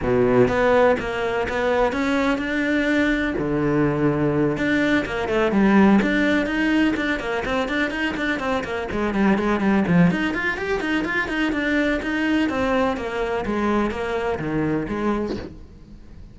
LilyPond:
\new Staff \with { instrumentName = "cello" } { \time 4/4 \tempo 4 = 125 b,4 b4 ais4 b4 | cis'4 d'2 d4~ | d4. d'4 ais8 a8 g8~ | g8 d'4 dis'4 d'8 ais8 c'8 |
d'8 dis'8 d'8 c'8 ais8 gis8 g8 gis8 | g8 f8 dis'8 f'8 g'8 dis'8 f'8 dis'8 | d'4 dis'4 c'4 ais4 | gis4 ais4 dis4 gis4 | }